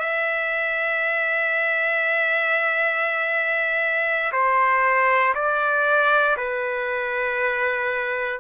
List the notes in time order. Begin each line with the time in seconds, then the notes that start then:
0.00 E5
4.32 C5
5.35 D5
6.37 B4